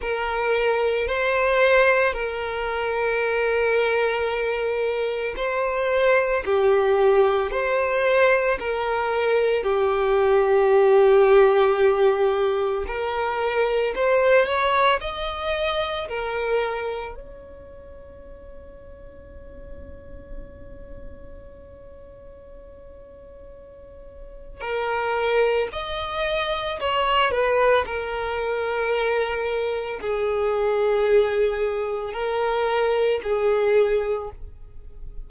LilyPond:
\new Staff \with { instrumentName = "violin" } { \time 4/4 \tempo 4 = 56 ais'4 c''4 ais'2~ | ais'4 c''4 g'4 c''4 | ais'4 g'2. | ais'4 c''8 cis''8 dis''4 ais'4 |
cis''1~ | cis''2. ais'4 | dis''4 cis''8 b'8 ais'2 | gis'2 ais'4 gis'4 | }